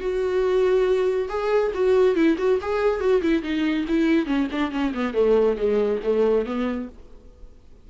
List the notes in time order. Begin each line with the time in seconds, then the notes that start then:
0.00 F#4
1.29 G#4
1.74 F#4
2.15 E4
2.38 F#4
2.61 G#4
3.00 F#4
3.22 E4
3.43 D#4
3.88 E4
4.26 C#4
4.51 D4
4.71 C#4
4.94 B3
5.14 A3
5.57 G#3
6.03 A3
6.46 B3